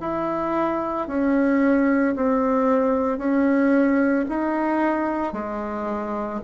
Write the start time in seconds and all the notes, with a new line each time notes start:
0.00 E4
1.08 C#4
2.16 C4
3.18 C#4
4.29 D#4
5.33 G#3